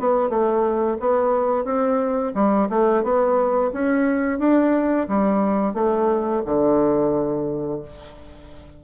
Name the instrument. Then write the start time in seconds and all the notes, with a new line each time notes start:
bassoon
0.00 B3
0.30 A3
1.00 B3
1.65 C4
2.35 G3
2.70 A3
3.04 B3
3.73 C#4
4.39 D4
5.09 G3
5.74 A3
6.46 D3